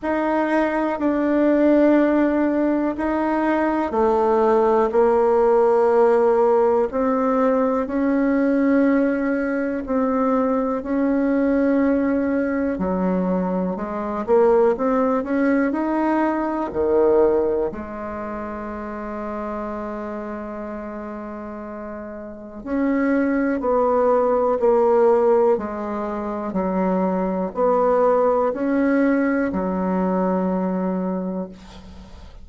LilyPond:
\new Staff \with { instrumentName = "bassoon" } { \time 4/4 \tempo 4 = 61 dis'4 d'2 dis'4 | a4 ais2 c'4 | cis'2 c'4 cis'4~ | cis'4 fis4 gis8 ais8 c'8 cis'8 |
dis'4 dis4 gis2~ | gis2. cis'4 | b4 ais4 gis4 fis4 | b4 cis'4 fis2 | }